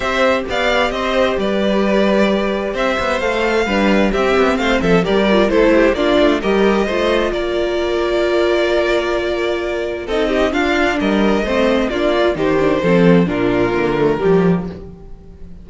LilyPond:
<<
  \new Staff \with { instrumentName = "violin" } { \time 4/4 \tempo 4 = 131 e''4 f''4 dis''4 d''4~ | d''2 e''4 f''4~ | f''4 e''4 f''8 e''8 d''4 | c''4 d''4 dis''2 |
d''1~ | d''2 dis''4 f''4 | dis''2 d''4 c''4~ | c''4 ais'2. | }
  \new Staff \with { instrumentName = "violin" } { \time 4/4 c''4 d''4 c''4 b'4~ | b'2 c''2 | b'4 g'4 c''8 a'8 ais'4 | a'8 g'8 f'4 ais'4 c''4 |
ais'1~ | ais'2 a'8 g'8 f'4 | ais'4 c''4 f'4 g'4 | a'4 f'2 g'4 | }
  \new Staff \with { instrumentName = "viola" } { \time 4/4 g'1~ | g'2. a'4 | d'4 c'2 g'8 f'8 | e'4 d'4 g'4 f'4~ |
f'1~ | f'2 dis'4 d'4~ | d'4 c'4 d'8 f'8 dis'8 d'8 | c'4 d'4 ais8 a8 g4 | }
  \new Staff \with { instrumentName = "cello" } { \time 4/4 c'4 b4 c'4 g4~ | g2 c'8 b8 a4 | g4 c'8 b8 a8 f8 g4 | a4 ais8 a8 g4 a4 |
ais1~ | ais2 c'4 d'4 | g4 a4 ais4 dis4 | f4 ais,4 d4 f4 | }
>>